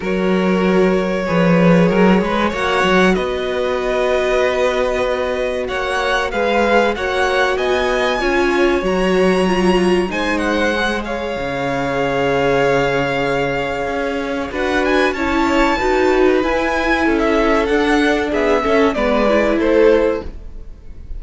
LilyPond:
<<
  \new Staff \with { instrumentName = "violin" } { \time 4/4 \tempo 4 = 95 cis''1 | fis''4 dis''2.~ | dis''4 fis''4 f''4 fis''4 | gis''2 ais''2 |
gis''8 fis''4 f''2~ f''8~ | f''2. fis''8 gis''8 | a''2 gis''4~ gis''16 e''8. | fis''4 e''4 d''4 c''4 | }
  \new Staff \with { instrumentName = "violin" } { \time 4/4 ais'2 b'4 ais'8 b'8 | cis''4 b'2.~ | b'4 cis''4 b'4 cis''4 | dis''4 cis''2. |
c''4. cis''2~ cis''8~ | cis''2. b'4 | cis''4 b'2 a'4~ | a'4 gis'8 a'8 b'4 a'4 | }
  \new Staff \with { instrumentName = "viola" } { \time 4/4 fis'2 gis'2 | fis'1~ | fis'2 gis'4 fis'4~ | fis'4 f'4 fis'4 f'4 |
dis'4 gis'2.~ | gis'2. fis'4 | e'4 fis'4 e'2 | d'4. cis'8 b8 e'4. | }
  \new Staff \with { instrumentName = "cello" } { \time 4/4 fis2 f4 fis8 gis8 | ais8 fis8 b2.~ | b4 ais4 gis4 ais4 | b4 cis'4 fis2 |
gis2 cis2~ | cis2 cis'4 d'4 | cis'4 dis'4 e'4 cis'4 | d'4 b8 cis'8 gis4 a4 | }
>>